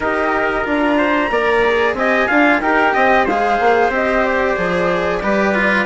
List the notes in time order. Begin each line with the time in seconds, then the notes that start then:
0.00 D#4 G4 A#4 D#5
0.64 D4 F4 A#5
0.97 C5
1.30 A#3 A#4 D5
1.64 G#4
1.93 C4 G4 D#5 G#5
2.27 D4 F4 F5
2.60 D#4 G4 A#4 G5
2.93 C4 D#5
3.25 G#3 G#4 C5 F5
3.60 A#3
3.89 C4 G4 D#5
4.24 D5
4.56 F3 G#4
5.22 G3 G4 B4
5.54 F4